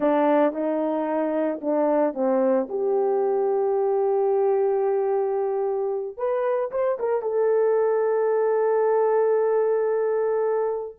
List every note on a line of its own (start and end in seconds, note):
0.00 0.53 D4
0.53 1.60 D#4
1.61 2.14 D4
2.14 2.67 C4
2.69 6.17 G4
6.17 6.70 B4
6.71 6.98 C5
6.99 7.22 A#4
7.22 10.97 A4